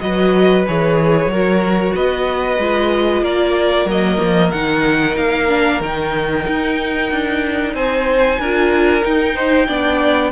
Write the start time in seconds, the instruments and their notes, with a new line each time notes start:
0.00 cello F#3, viola F#4, violin B4 D#5
0.67 cello E3, viola G#4, violin C#5
1.27 cello F#3, viola F#4, violin A#4
1.96 cello B3, violin B4 D#5
2.58 cello G#3, viola F4
3.22 cello A#3, violin A#4 D5
3.85 cello F#3, viola A#3, violin D#5
4.20 cello F3
4.52 cello D#3, viola D#4, violin F#5
5.17 cello A#3, violin F5
5.49 viola D4
5.81 cello D#3, viola D#4, violin G5
6.48 cello D#4
7.12 cello D4
7.74 cello C4, violin C5 G#5
8.39 cello D4, viola F4, violin A#4
9.02 viola D#4, cello D#4, violin G5
9.35 violin C5
9.67 cello B3, viola D4, violin D5